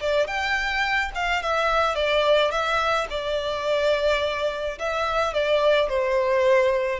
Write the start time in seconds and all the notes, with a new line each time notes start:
0.00 D5
0.27 G5
1.15 F5
1.42 E5
1.95 D5
2.51 E5
3.10 D5
4.79 E5
5.33 D5
5.88 C5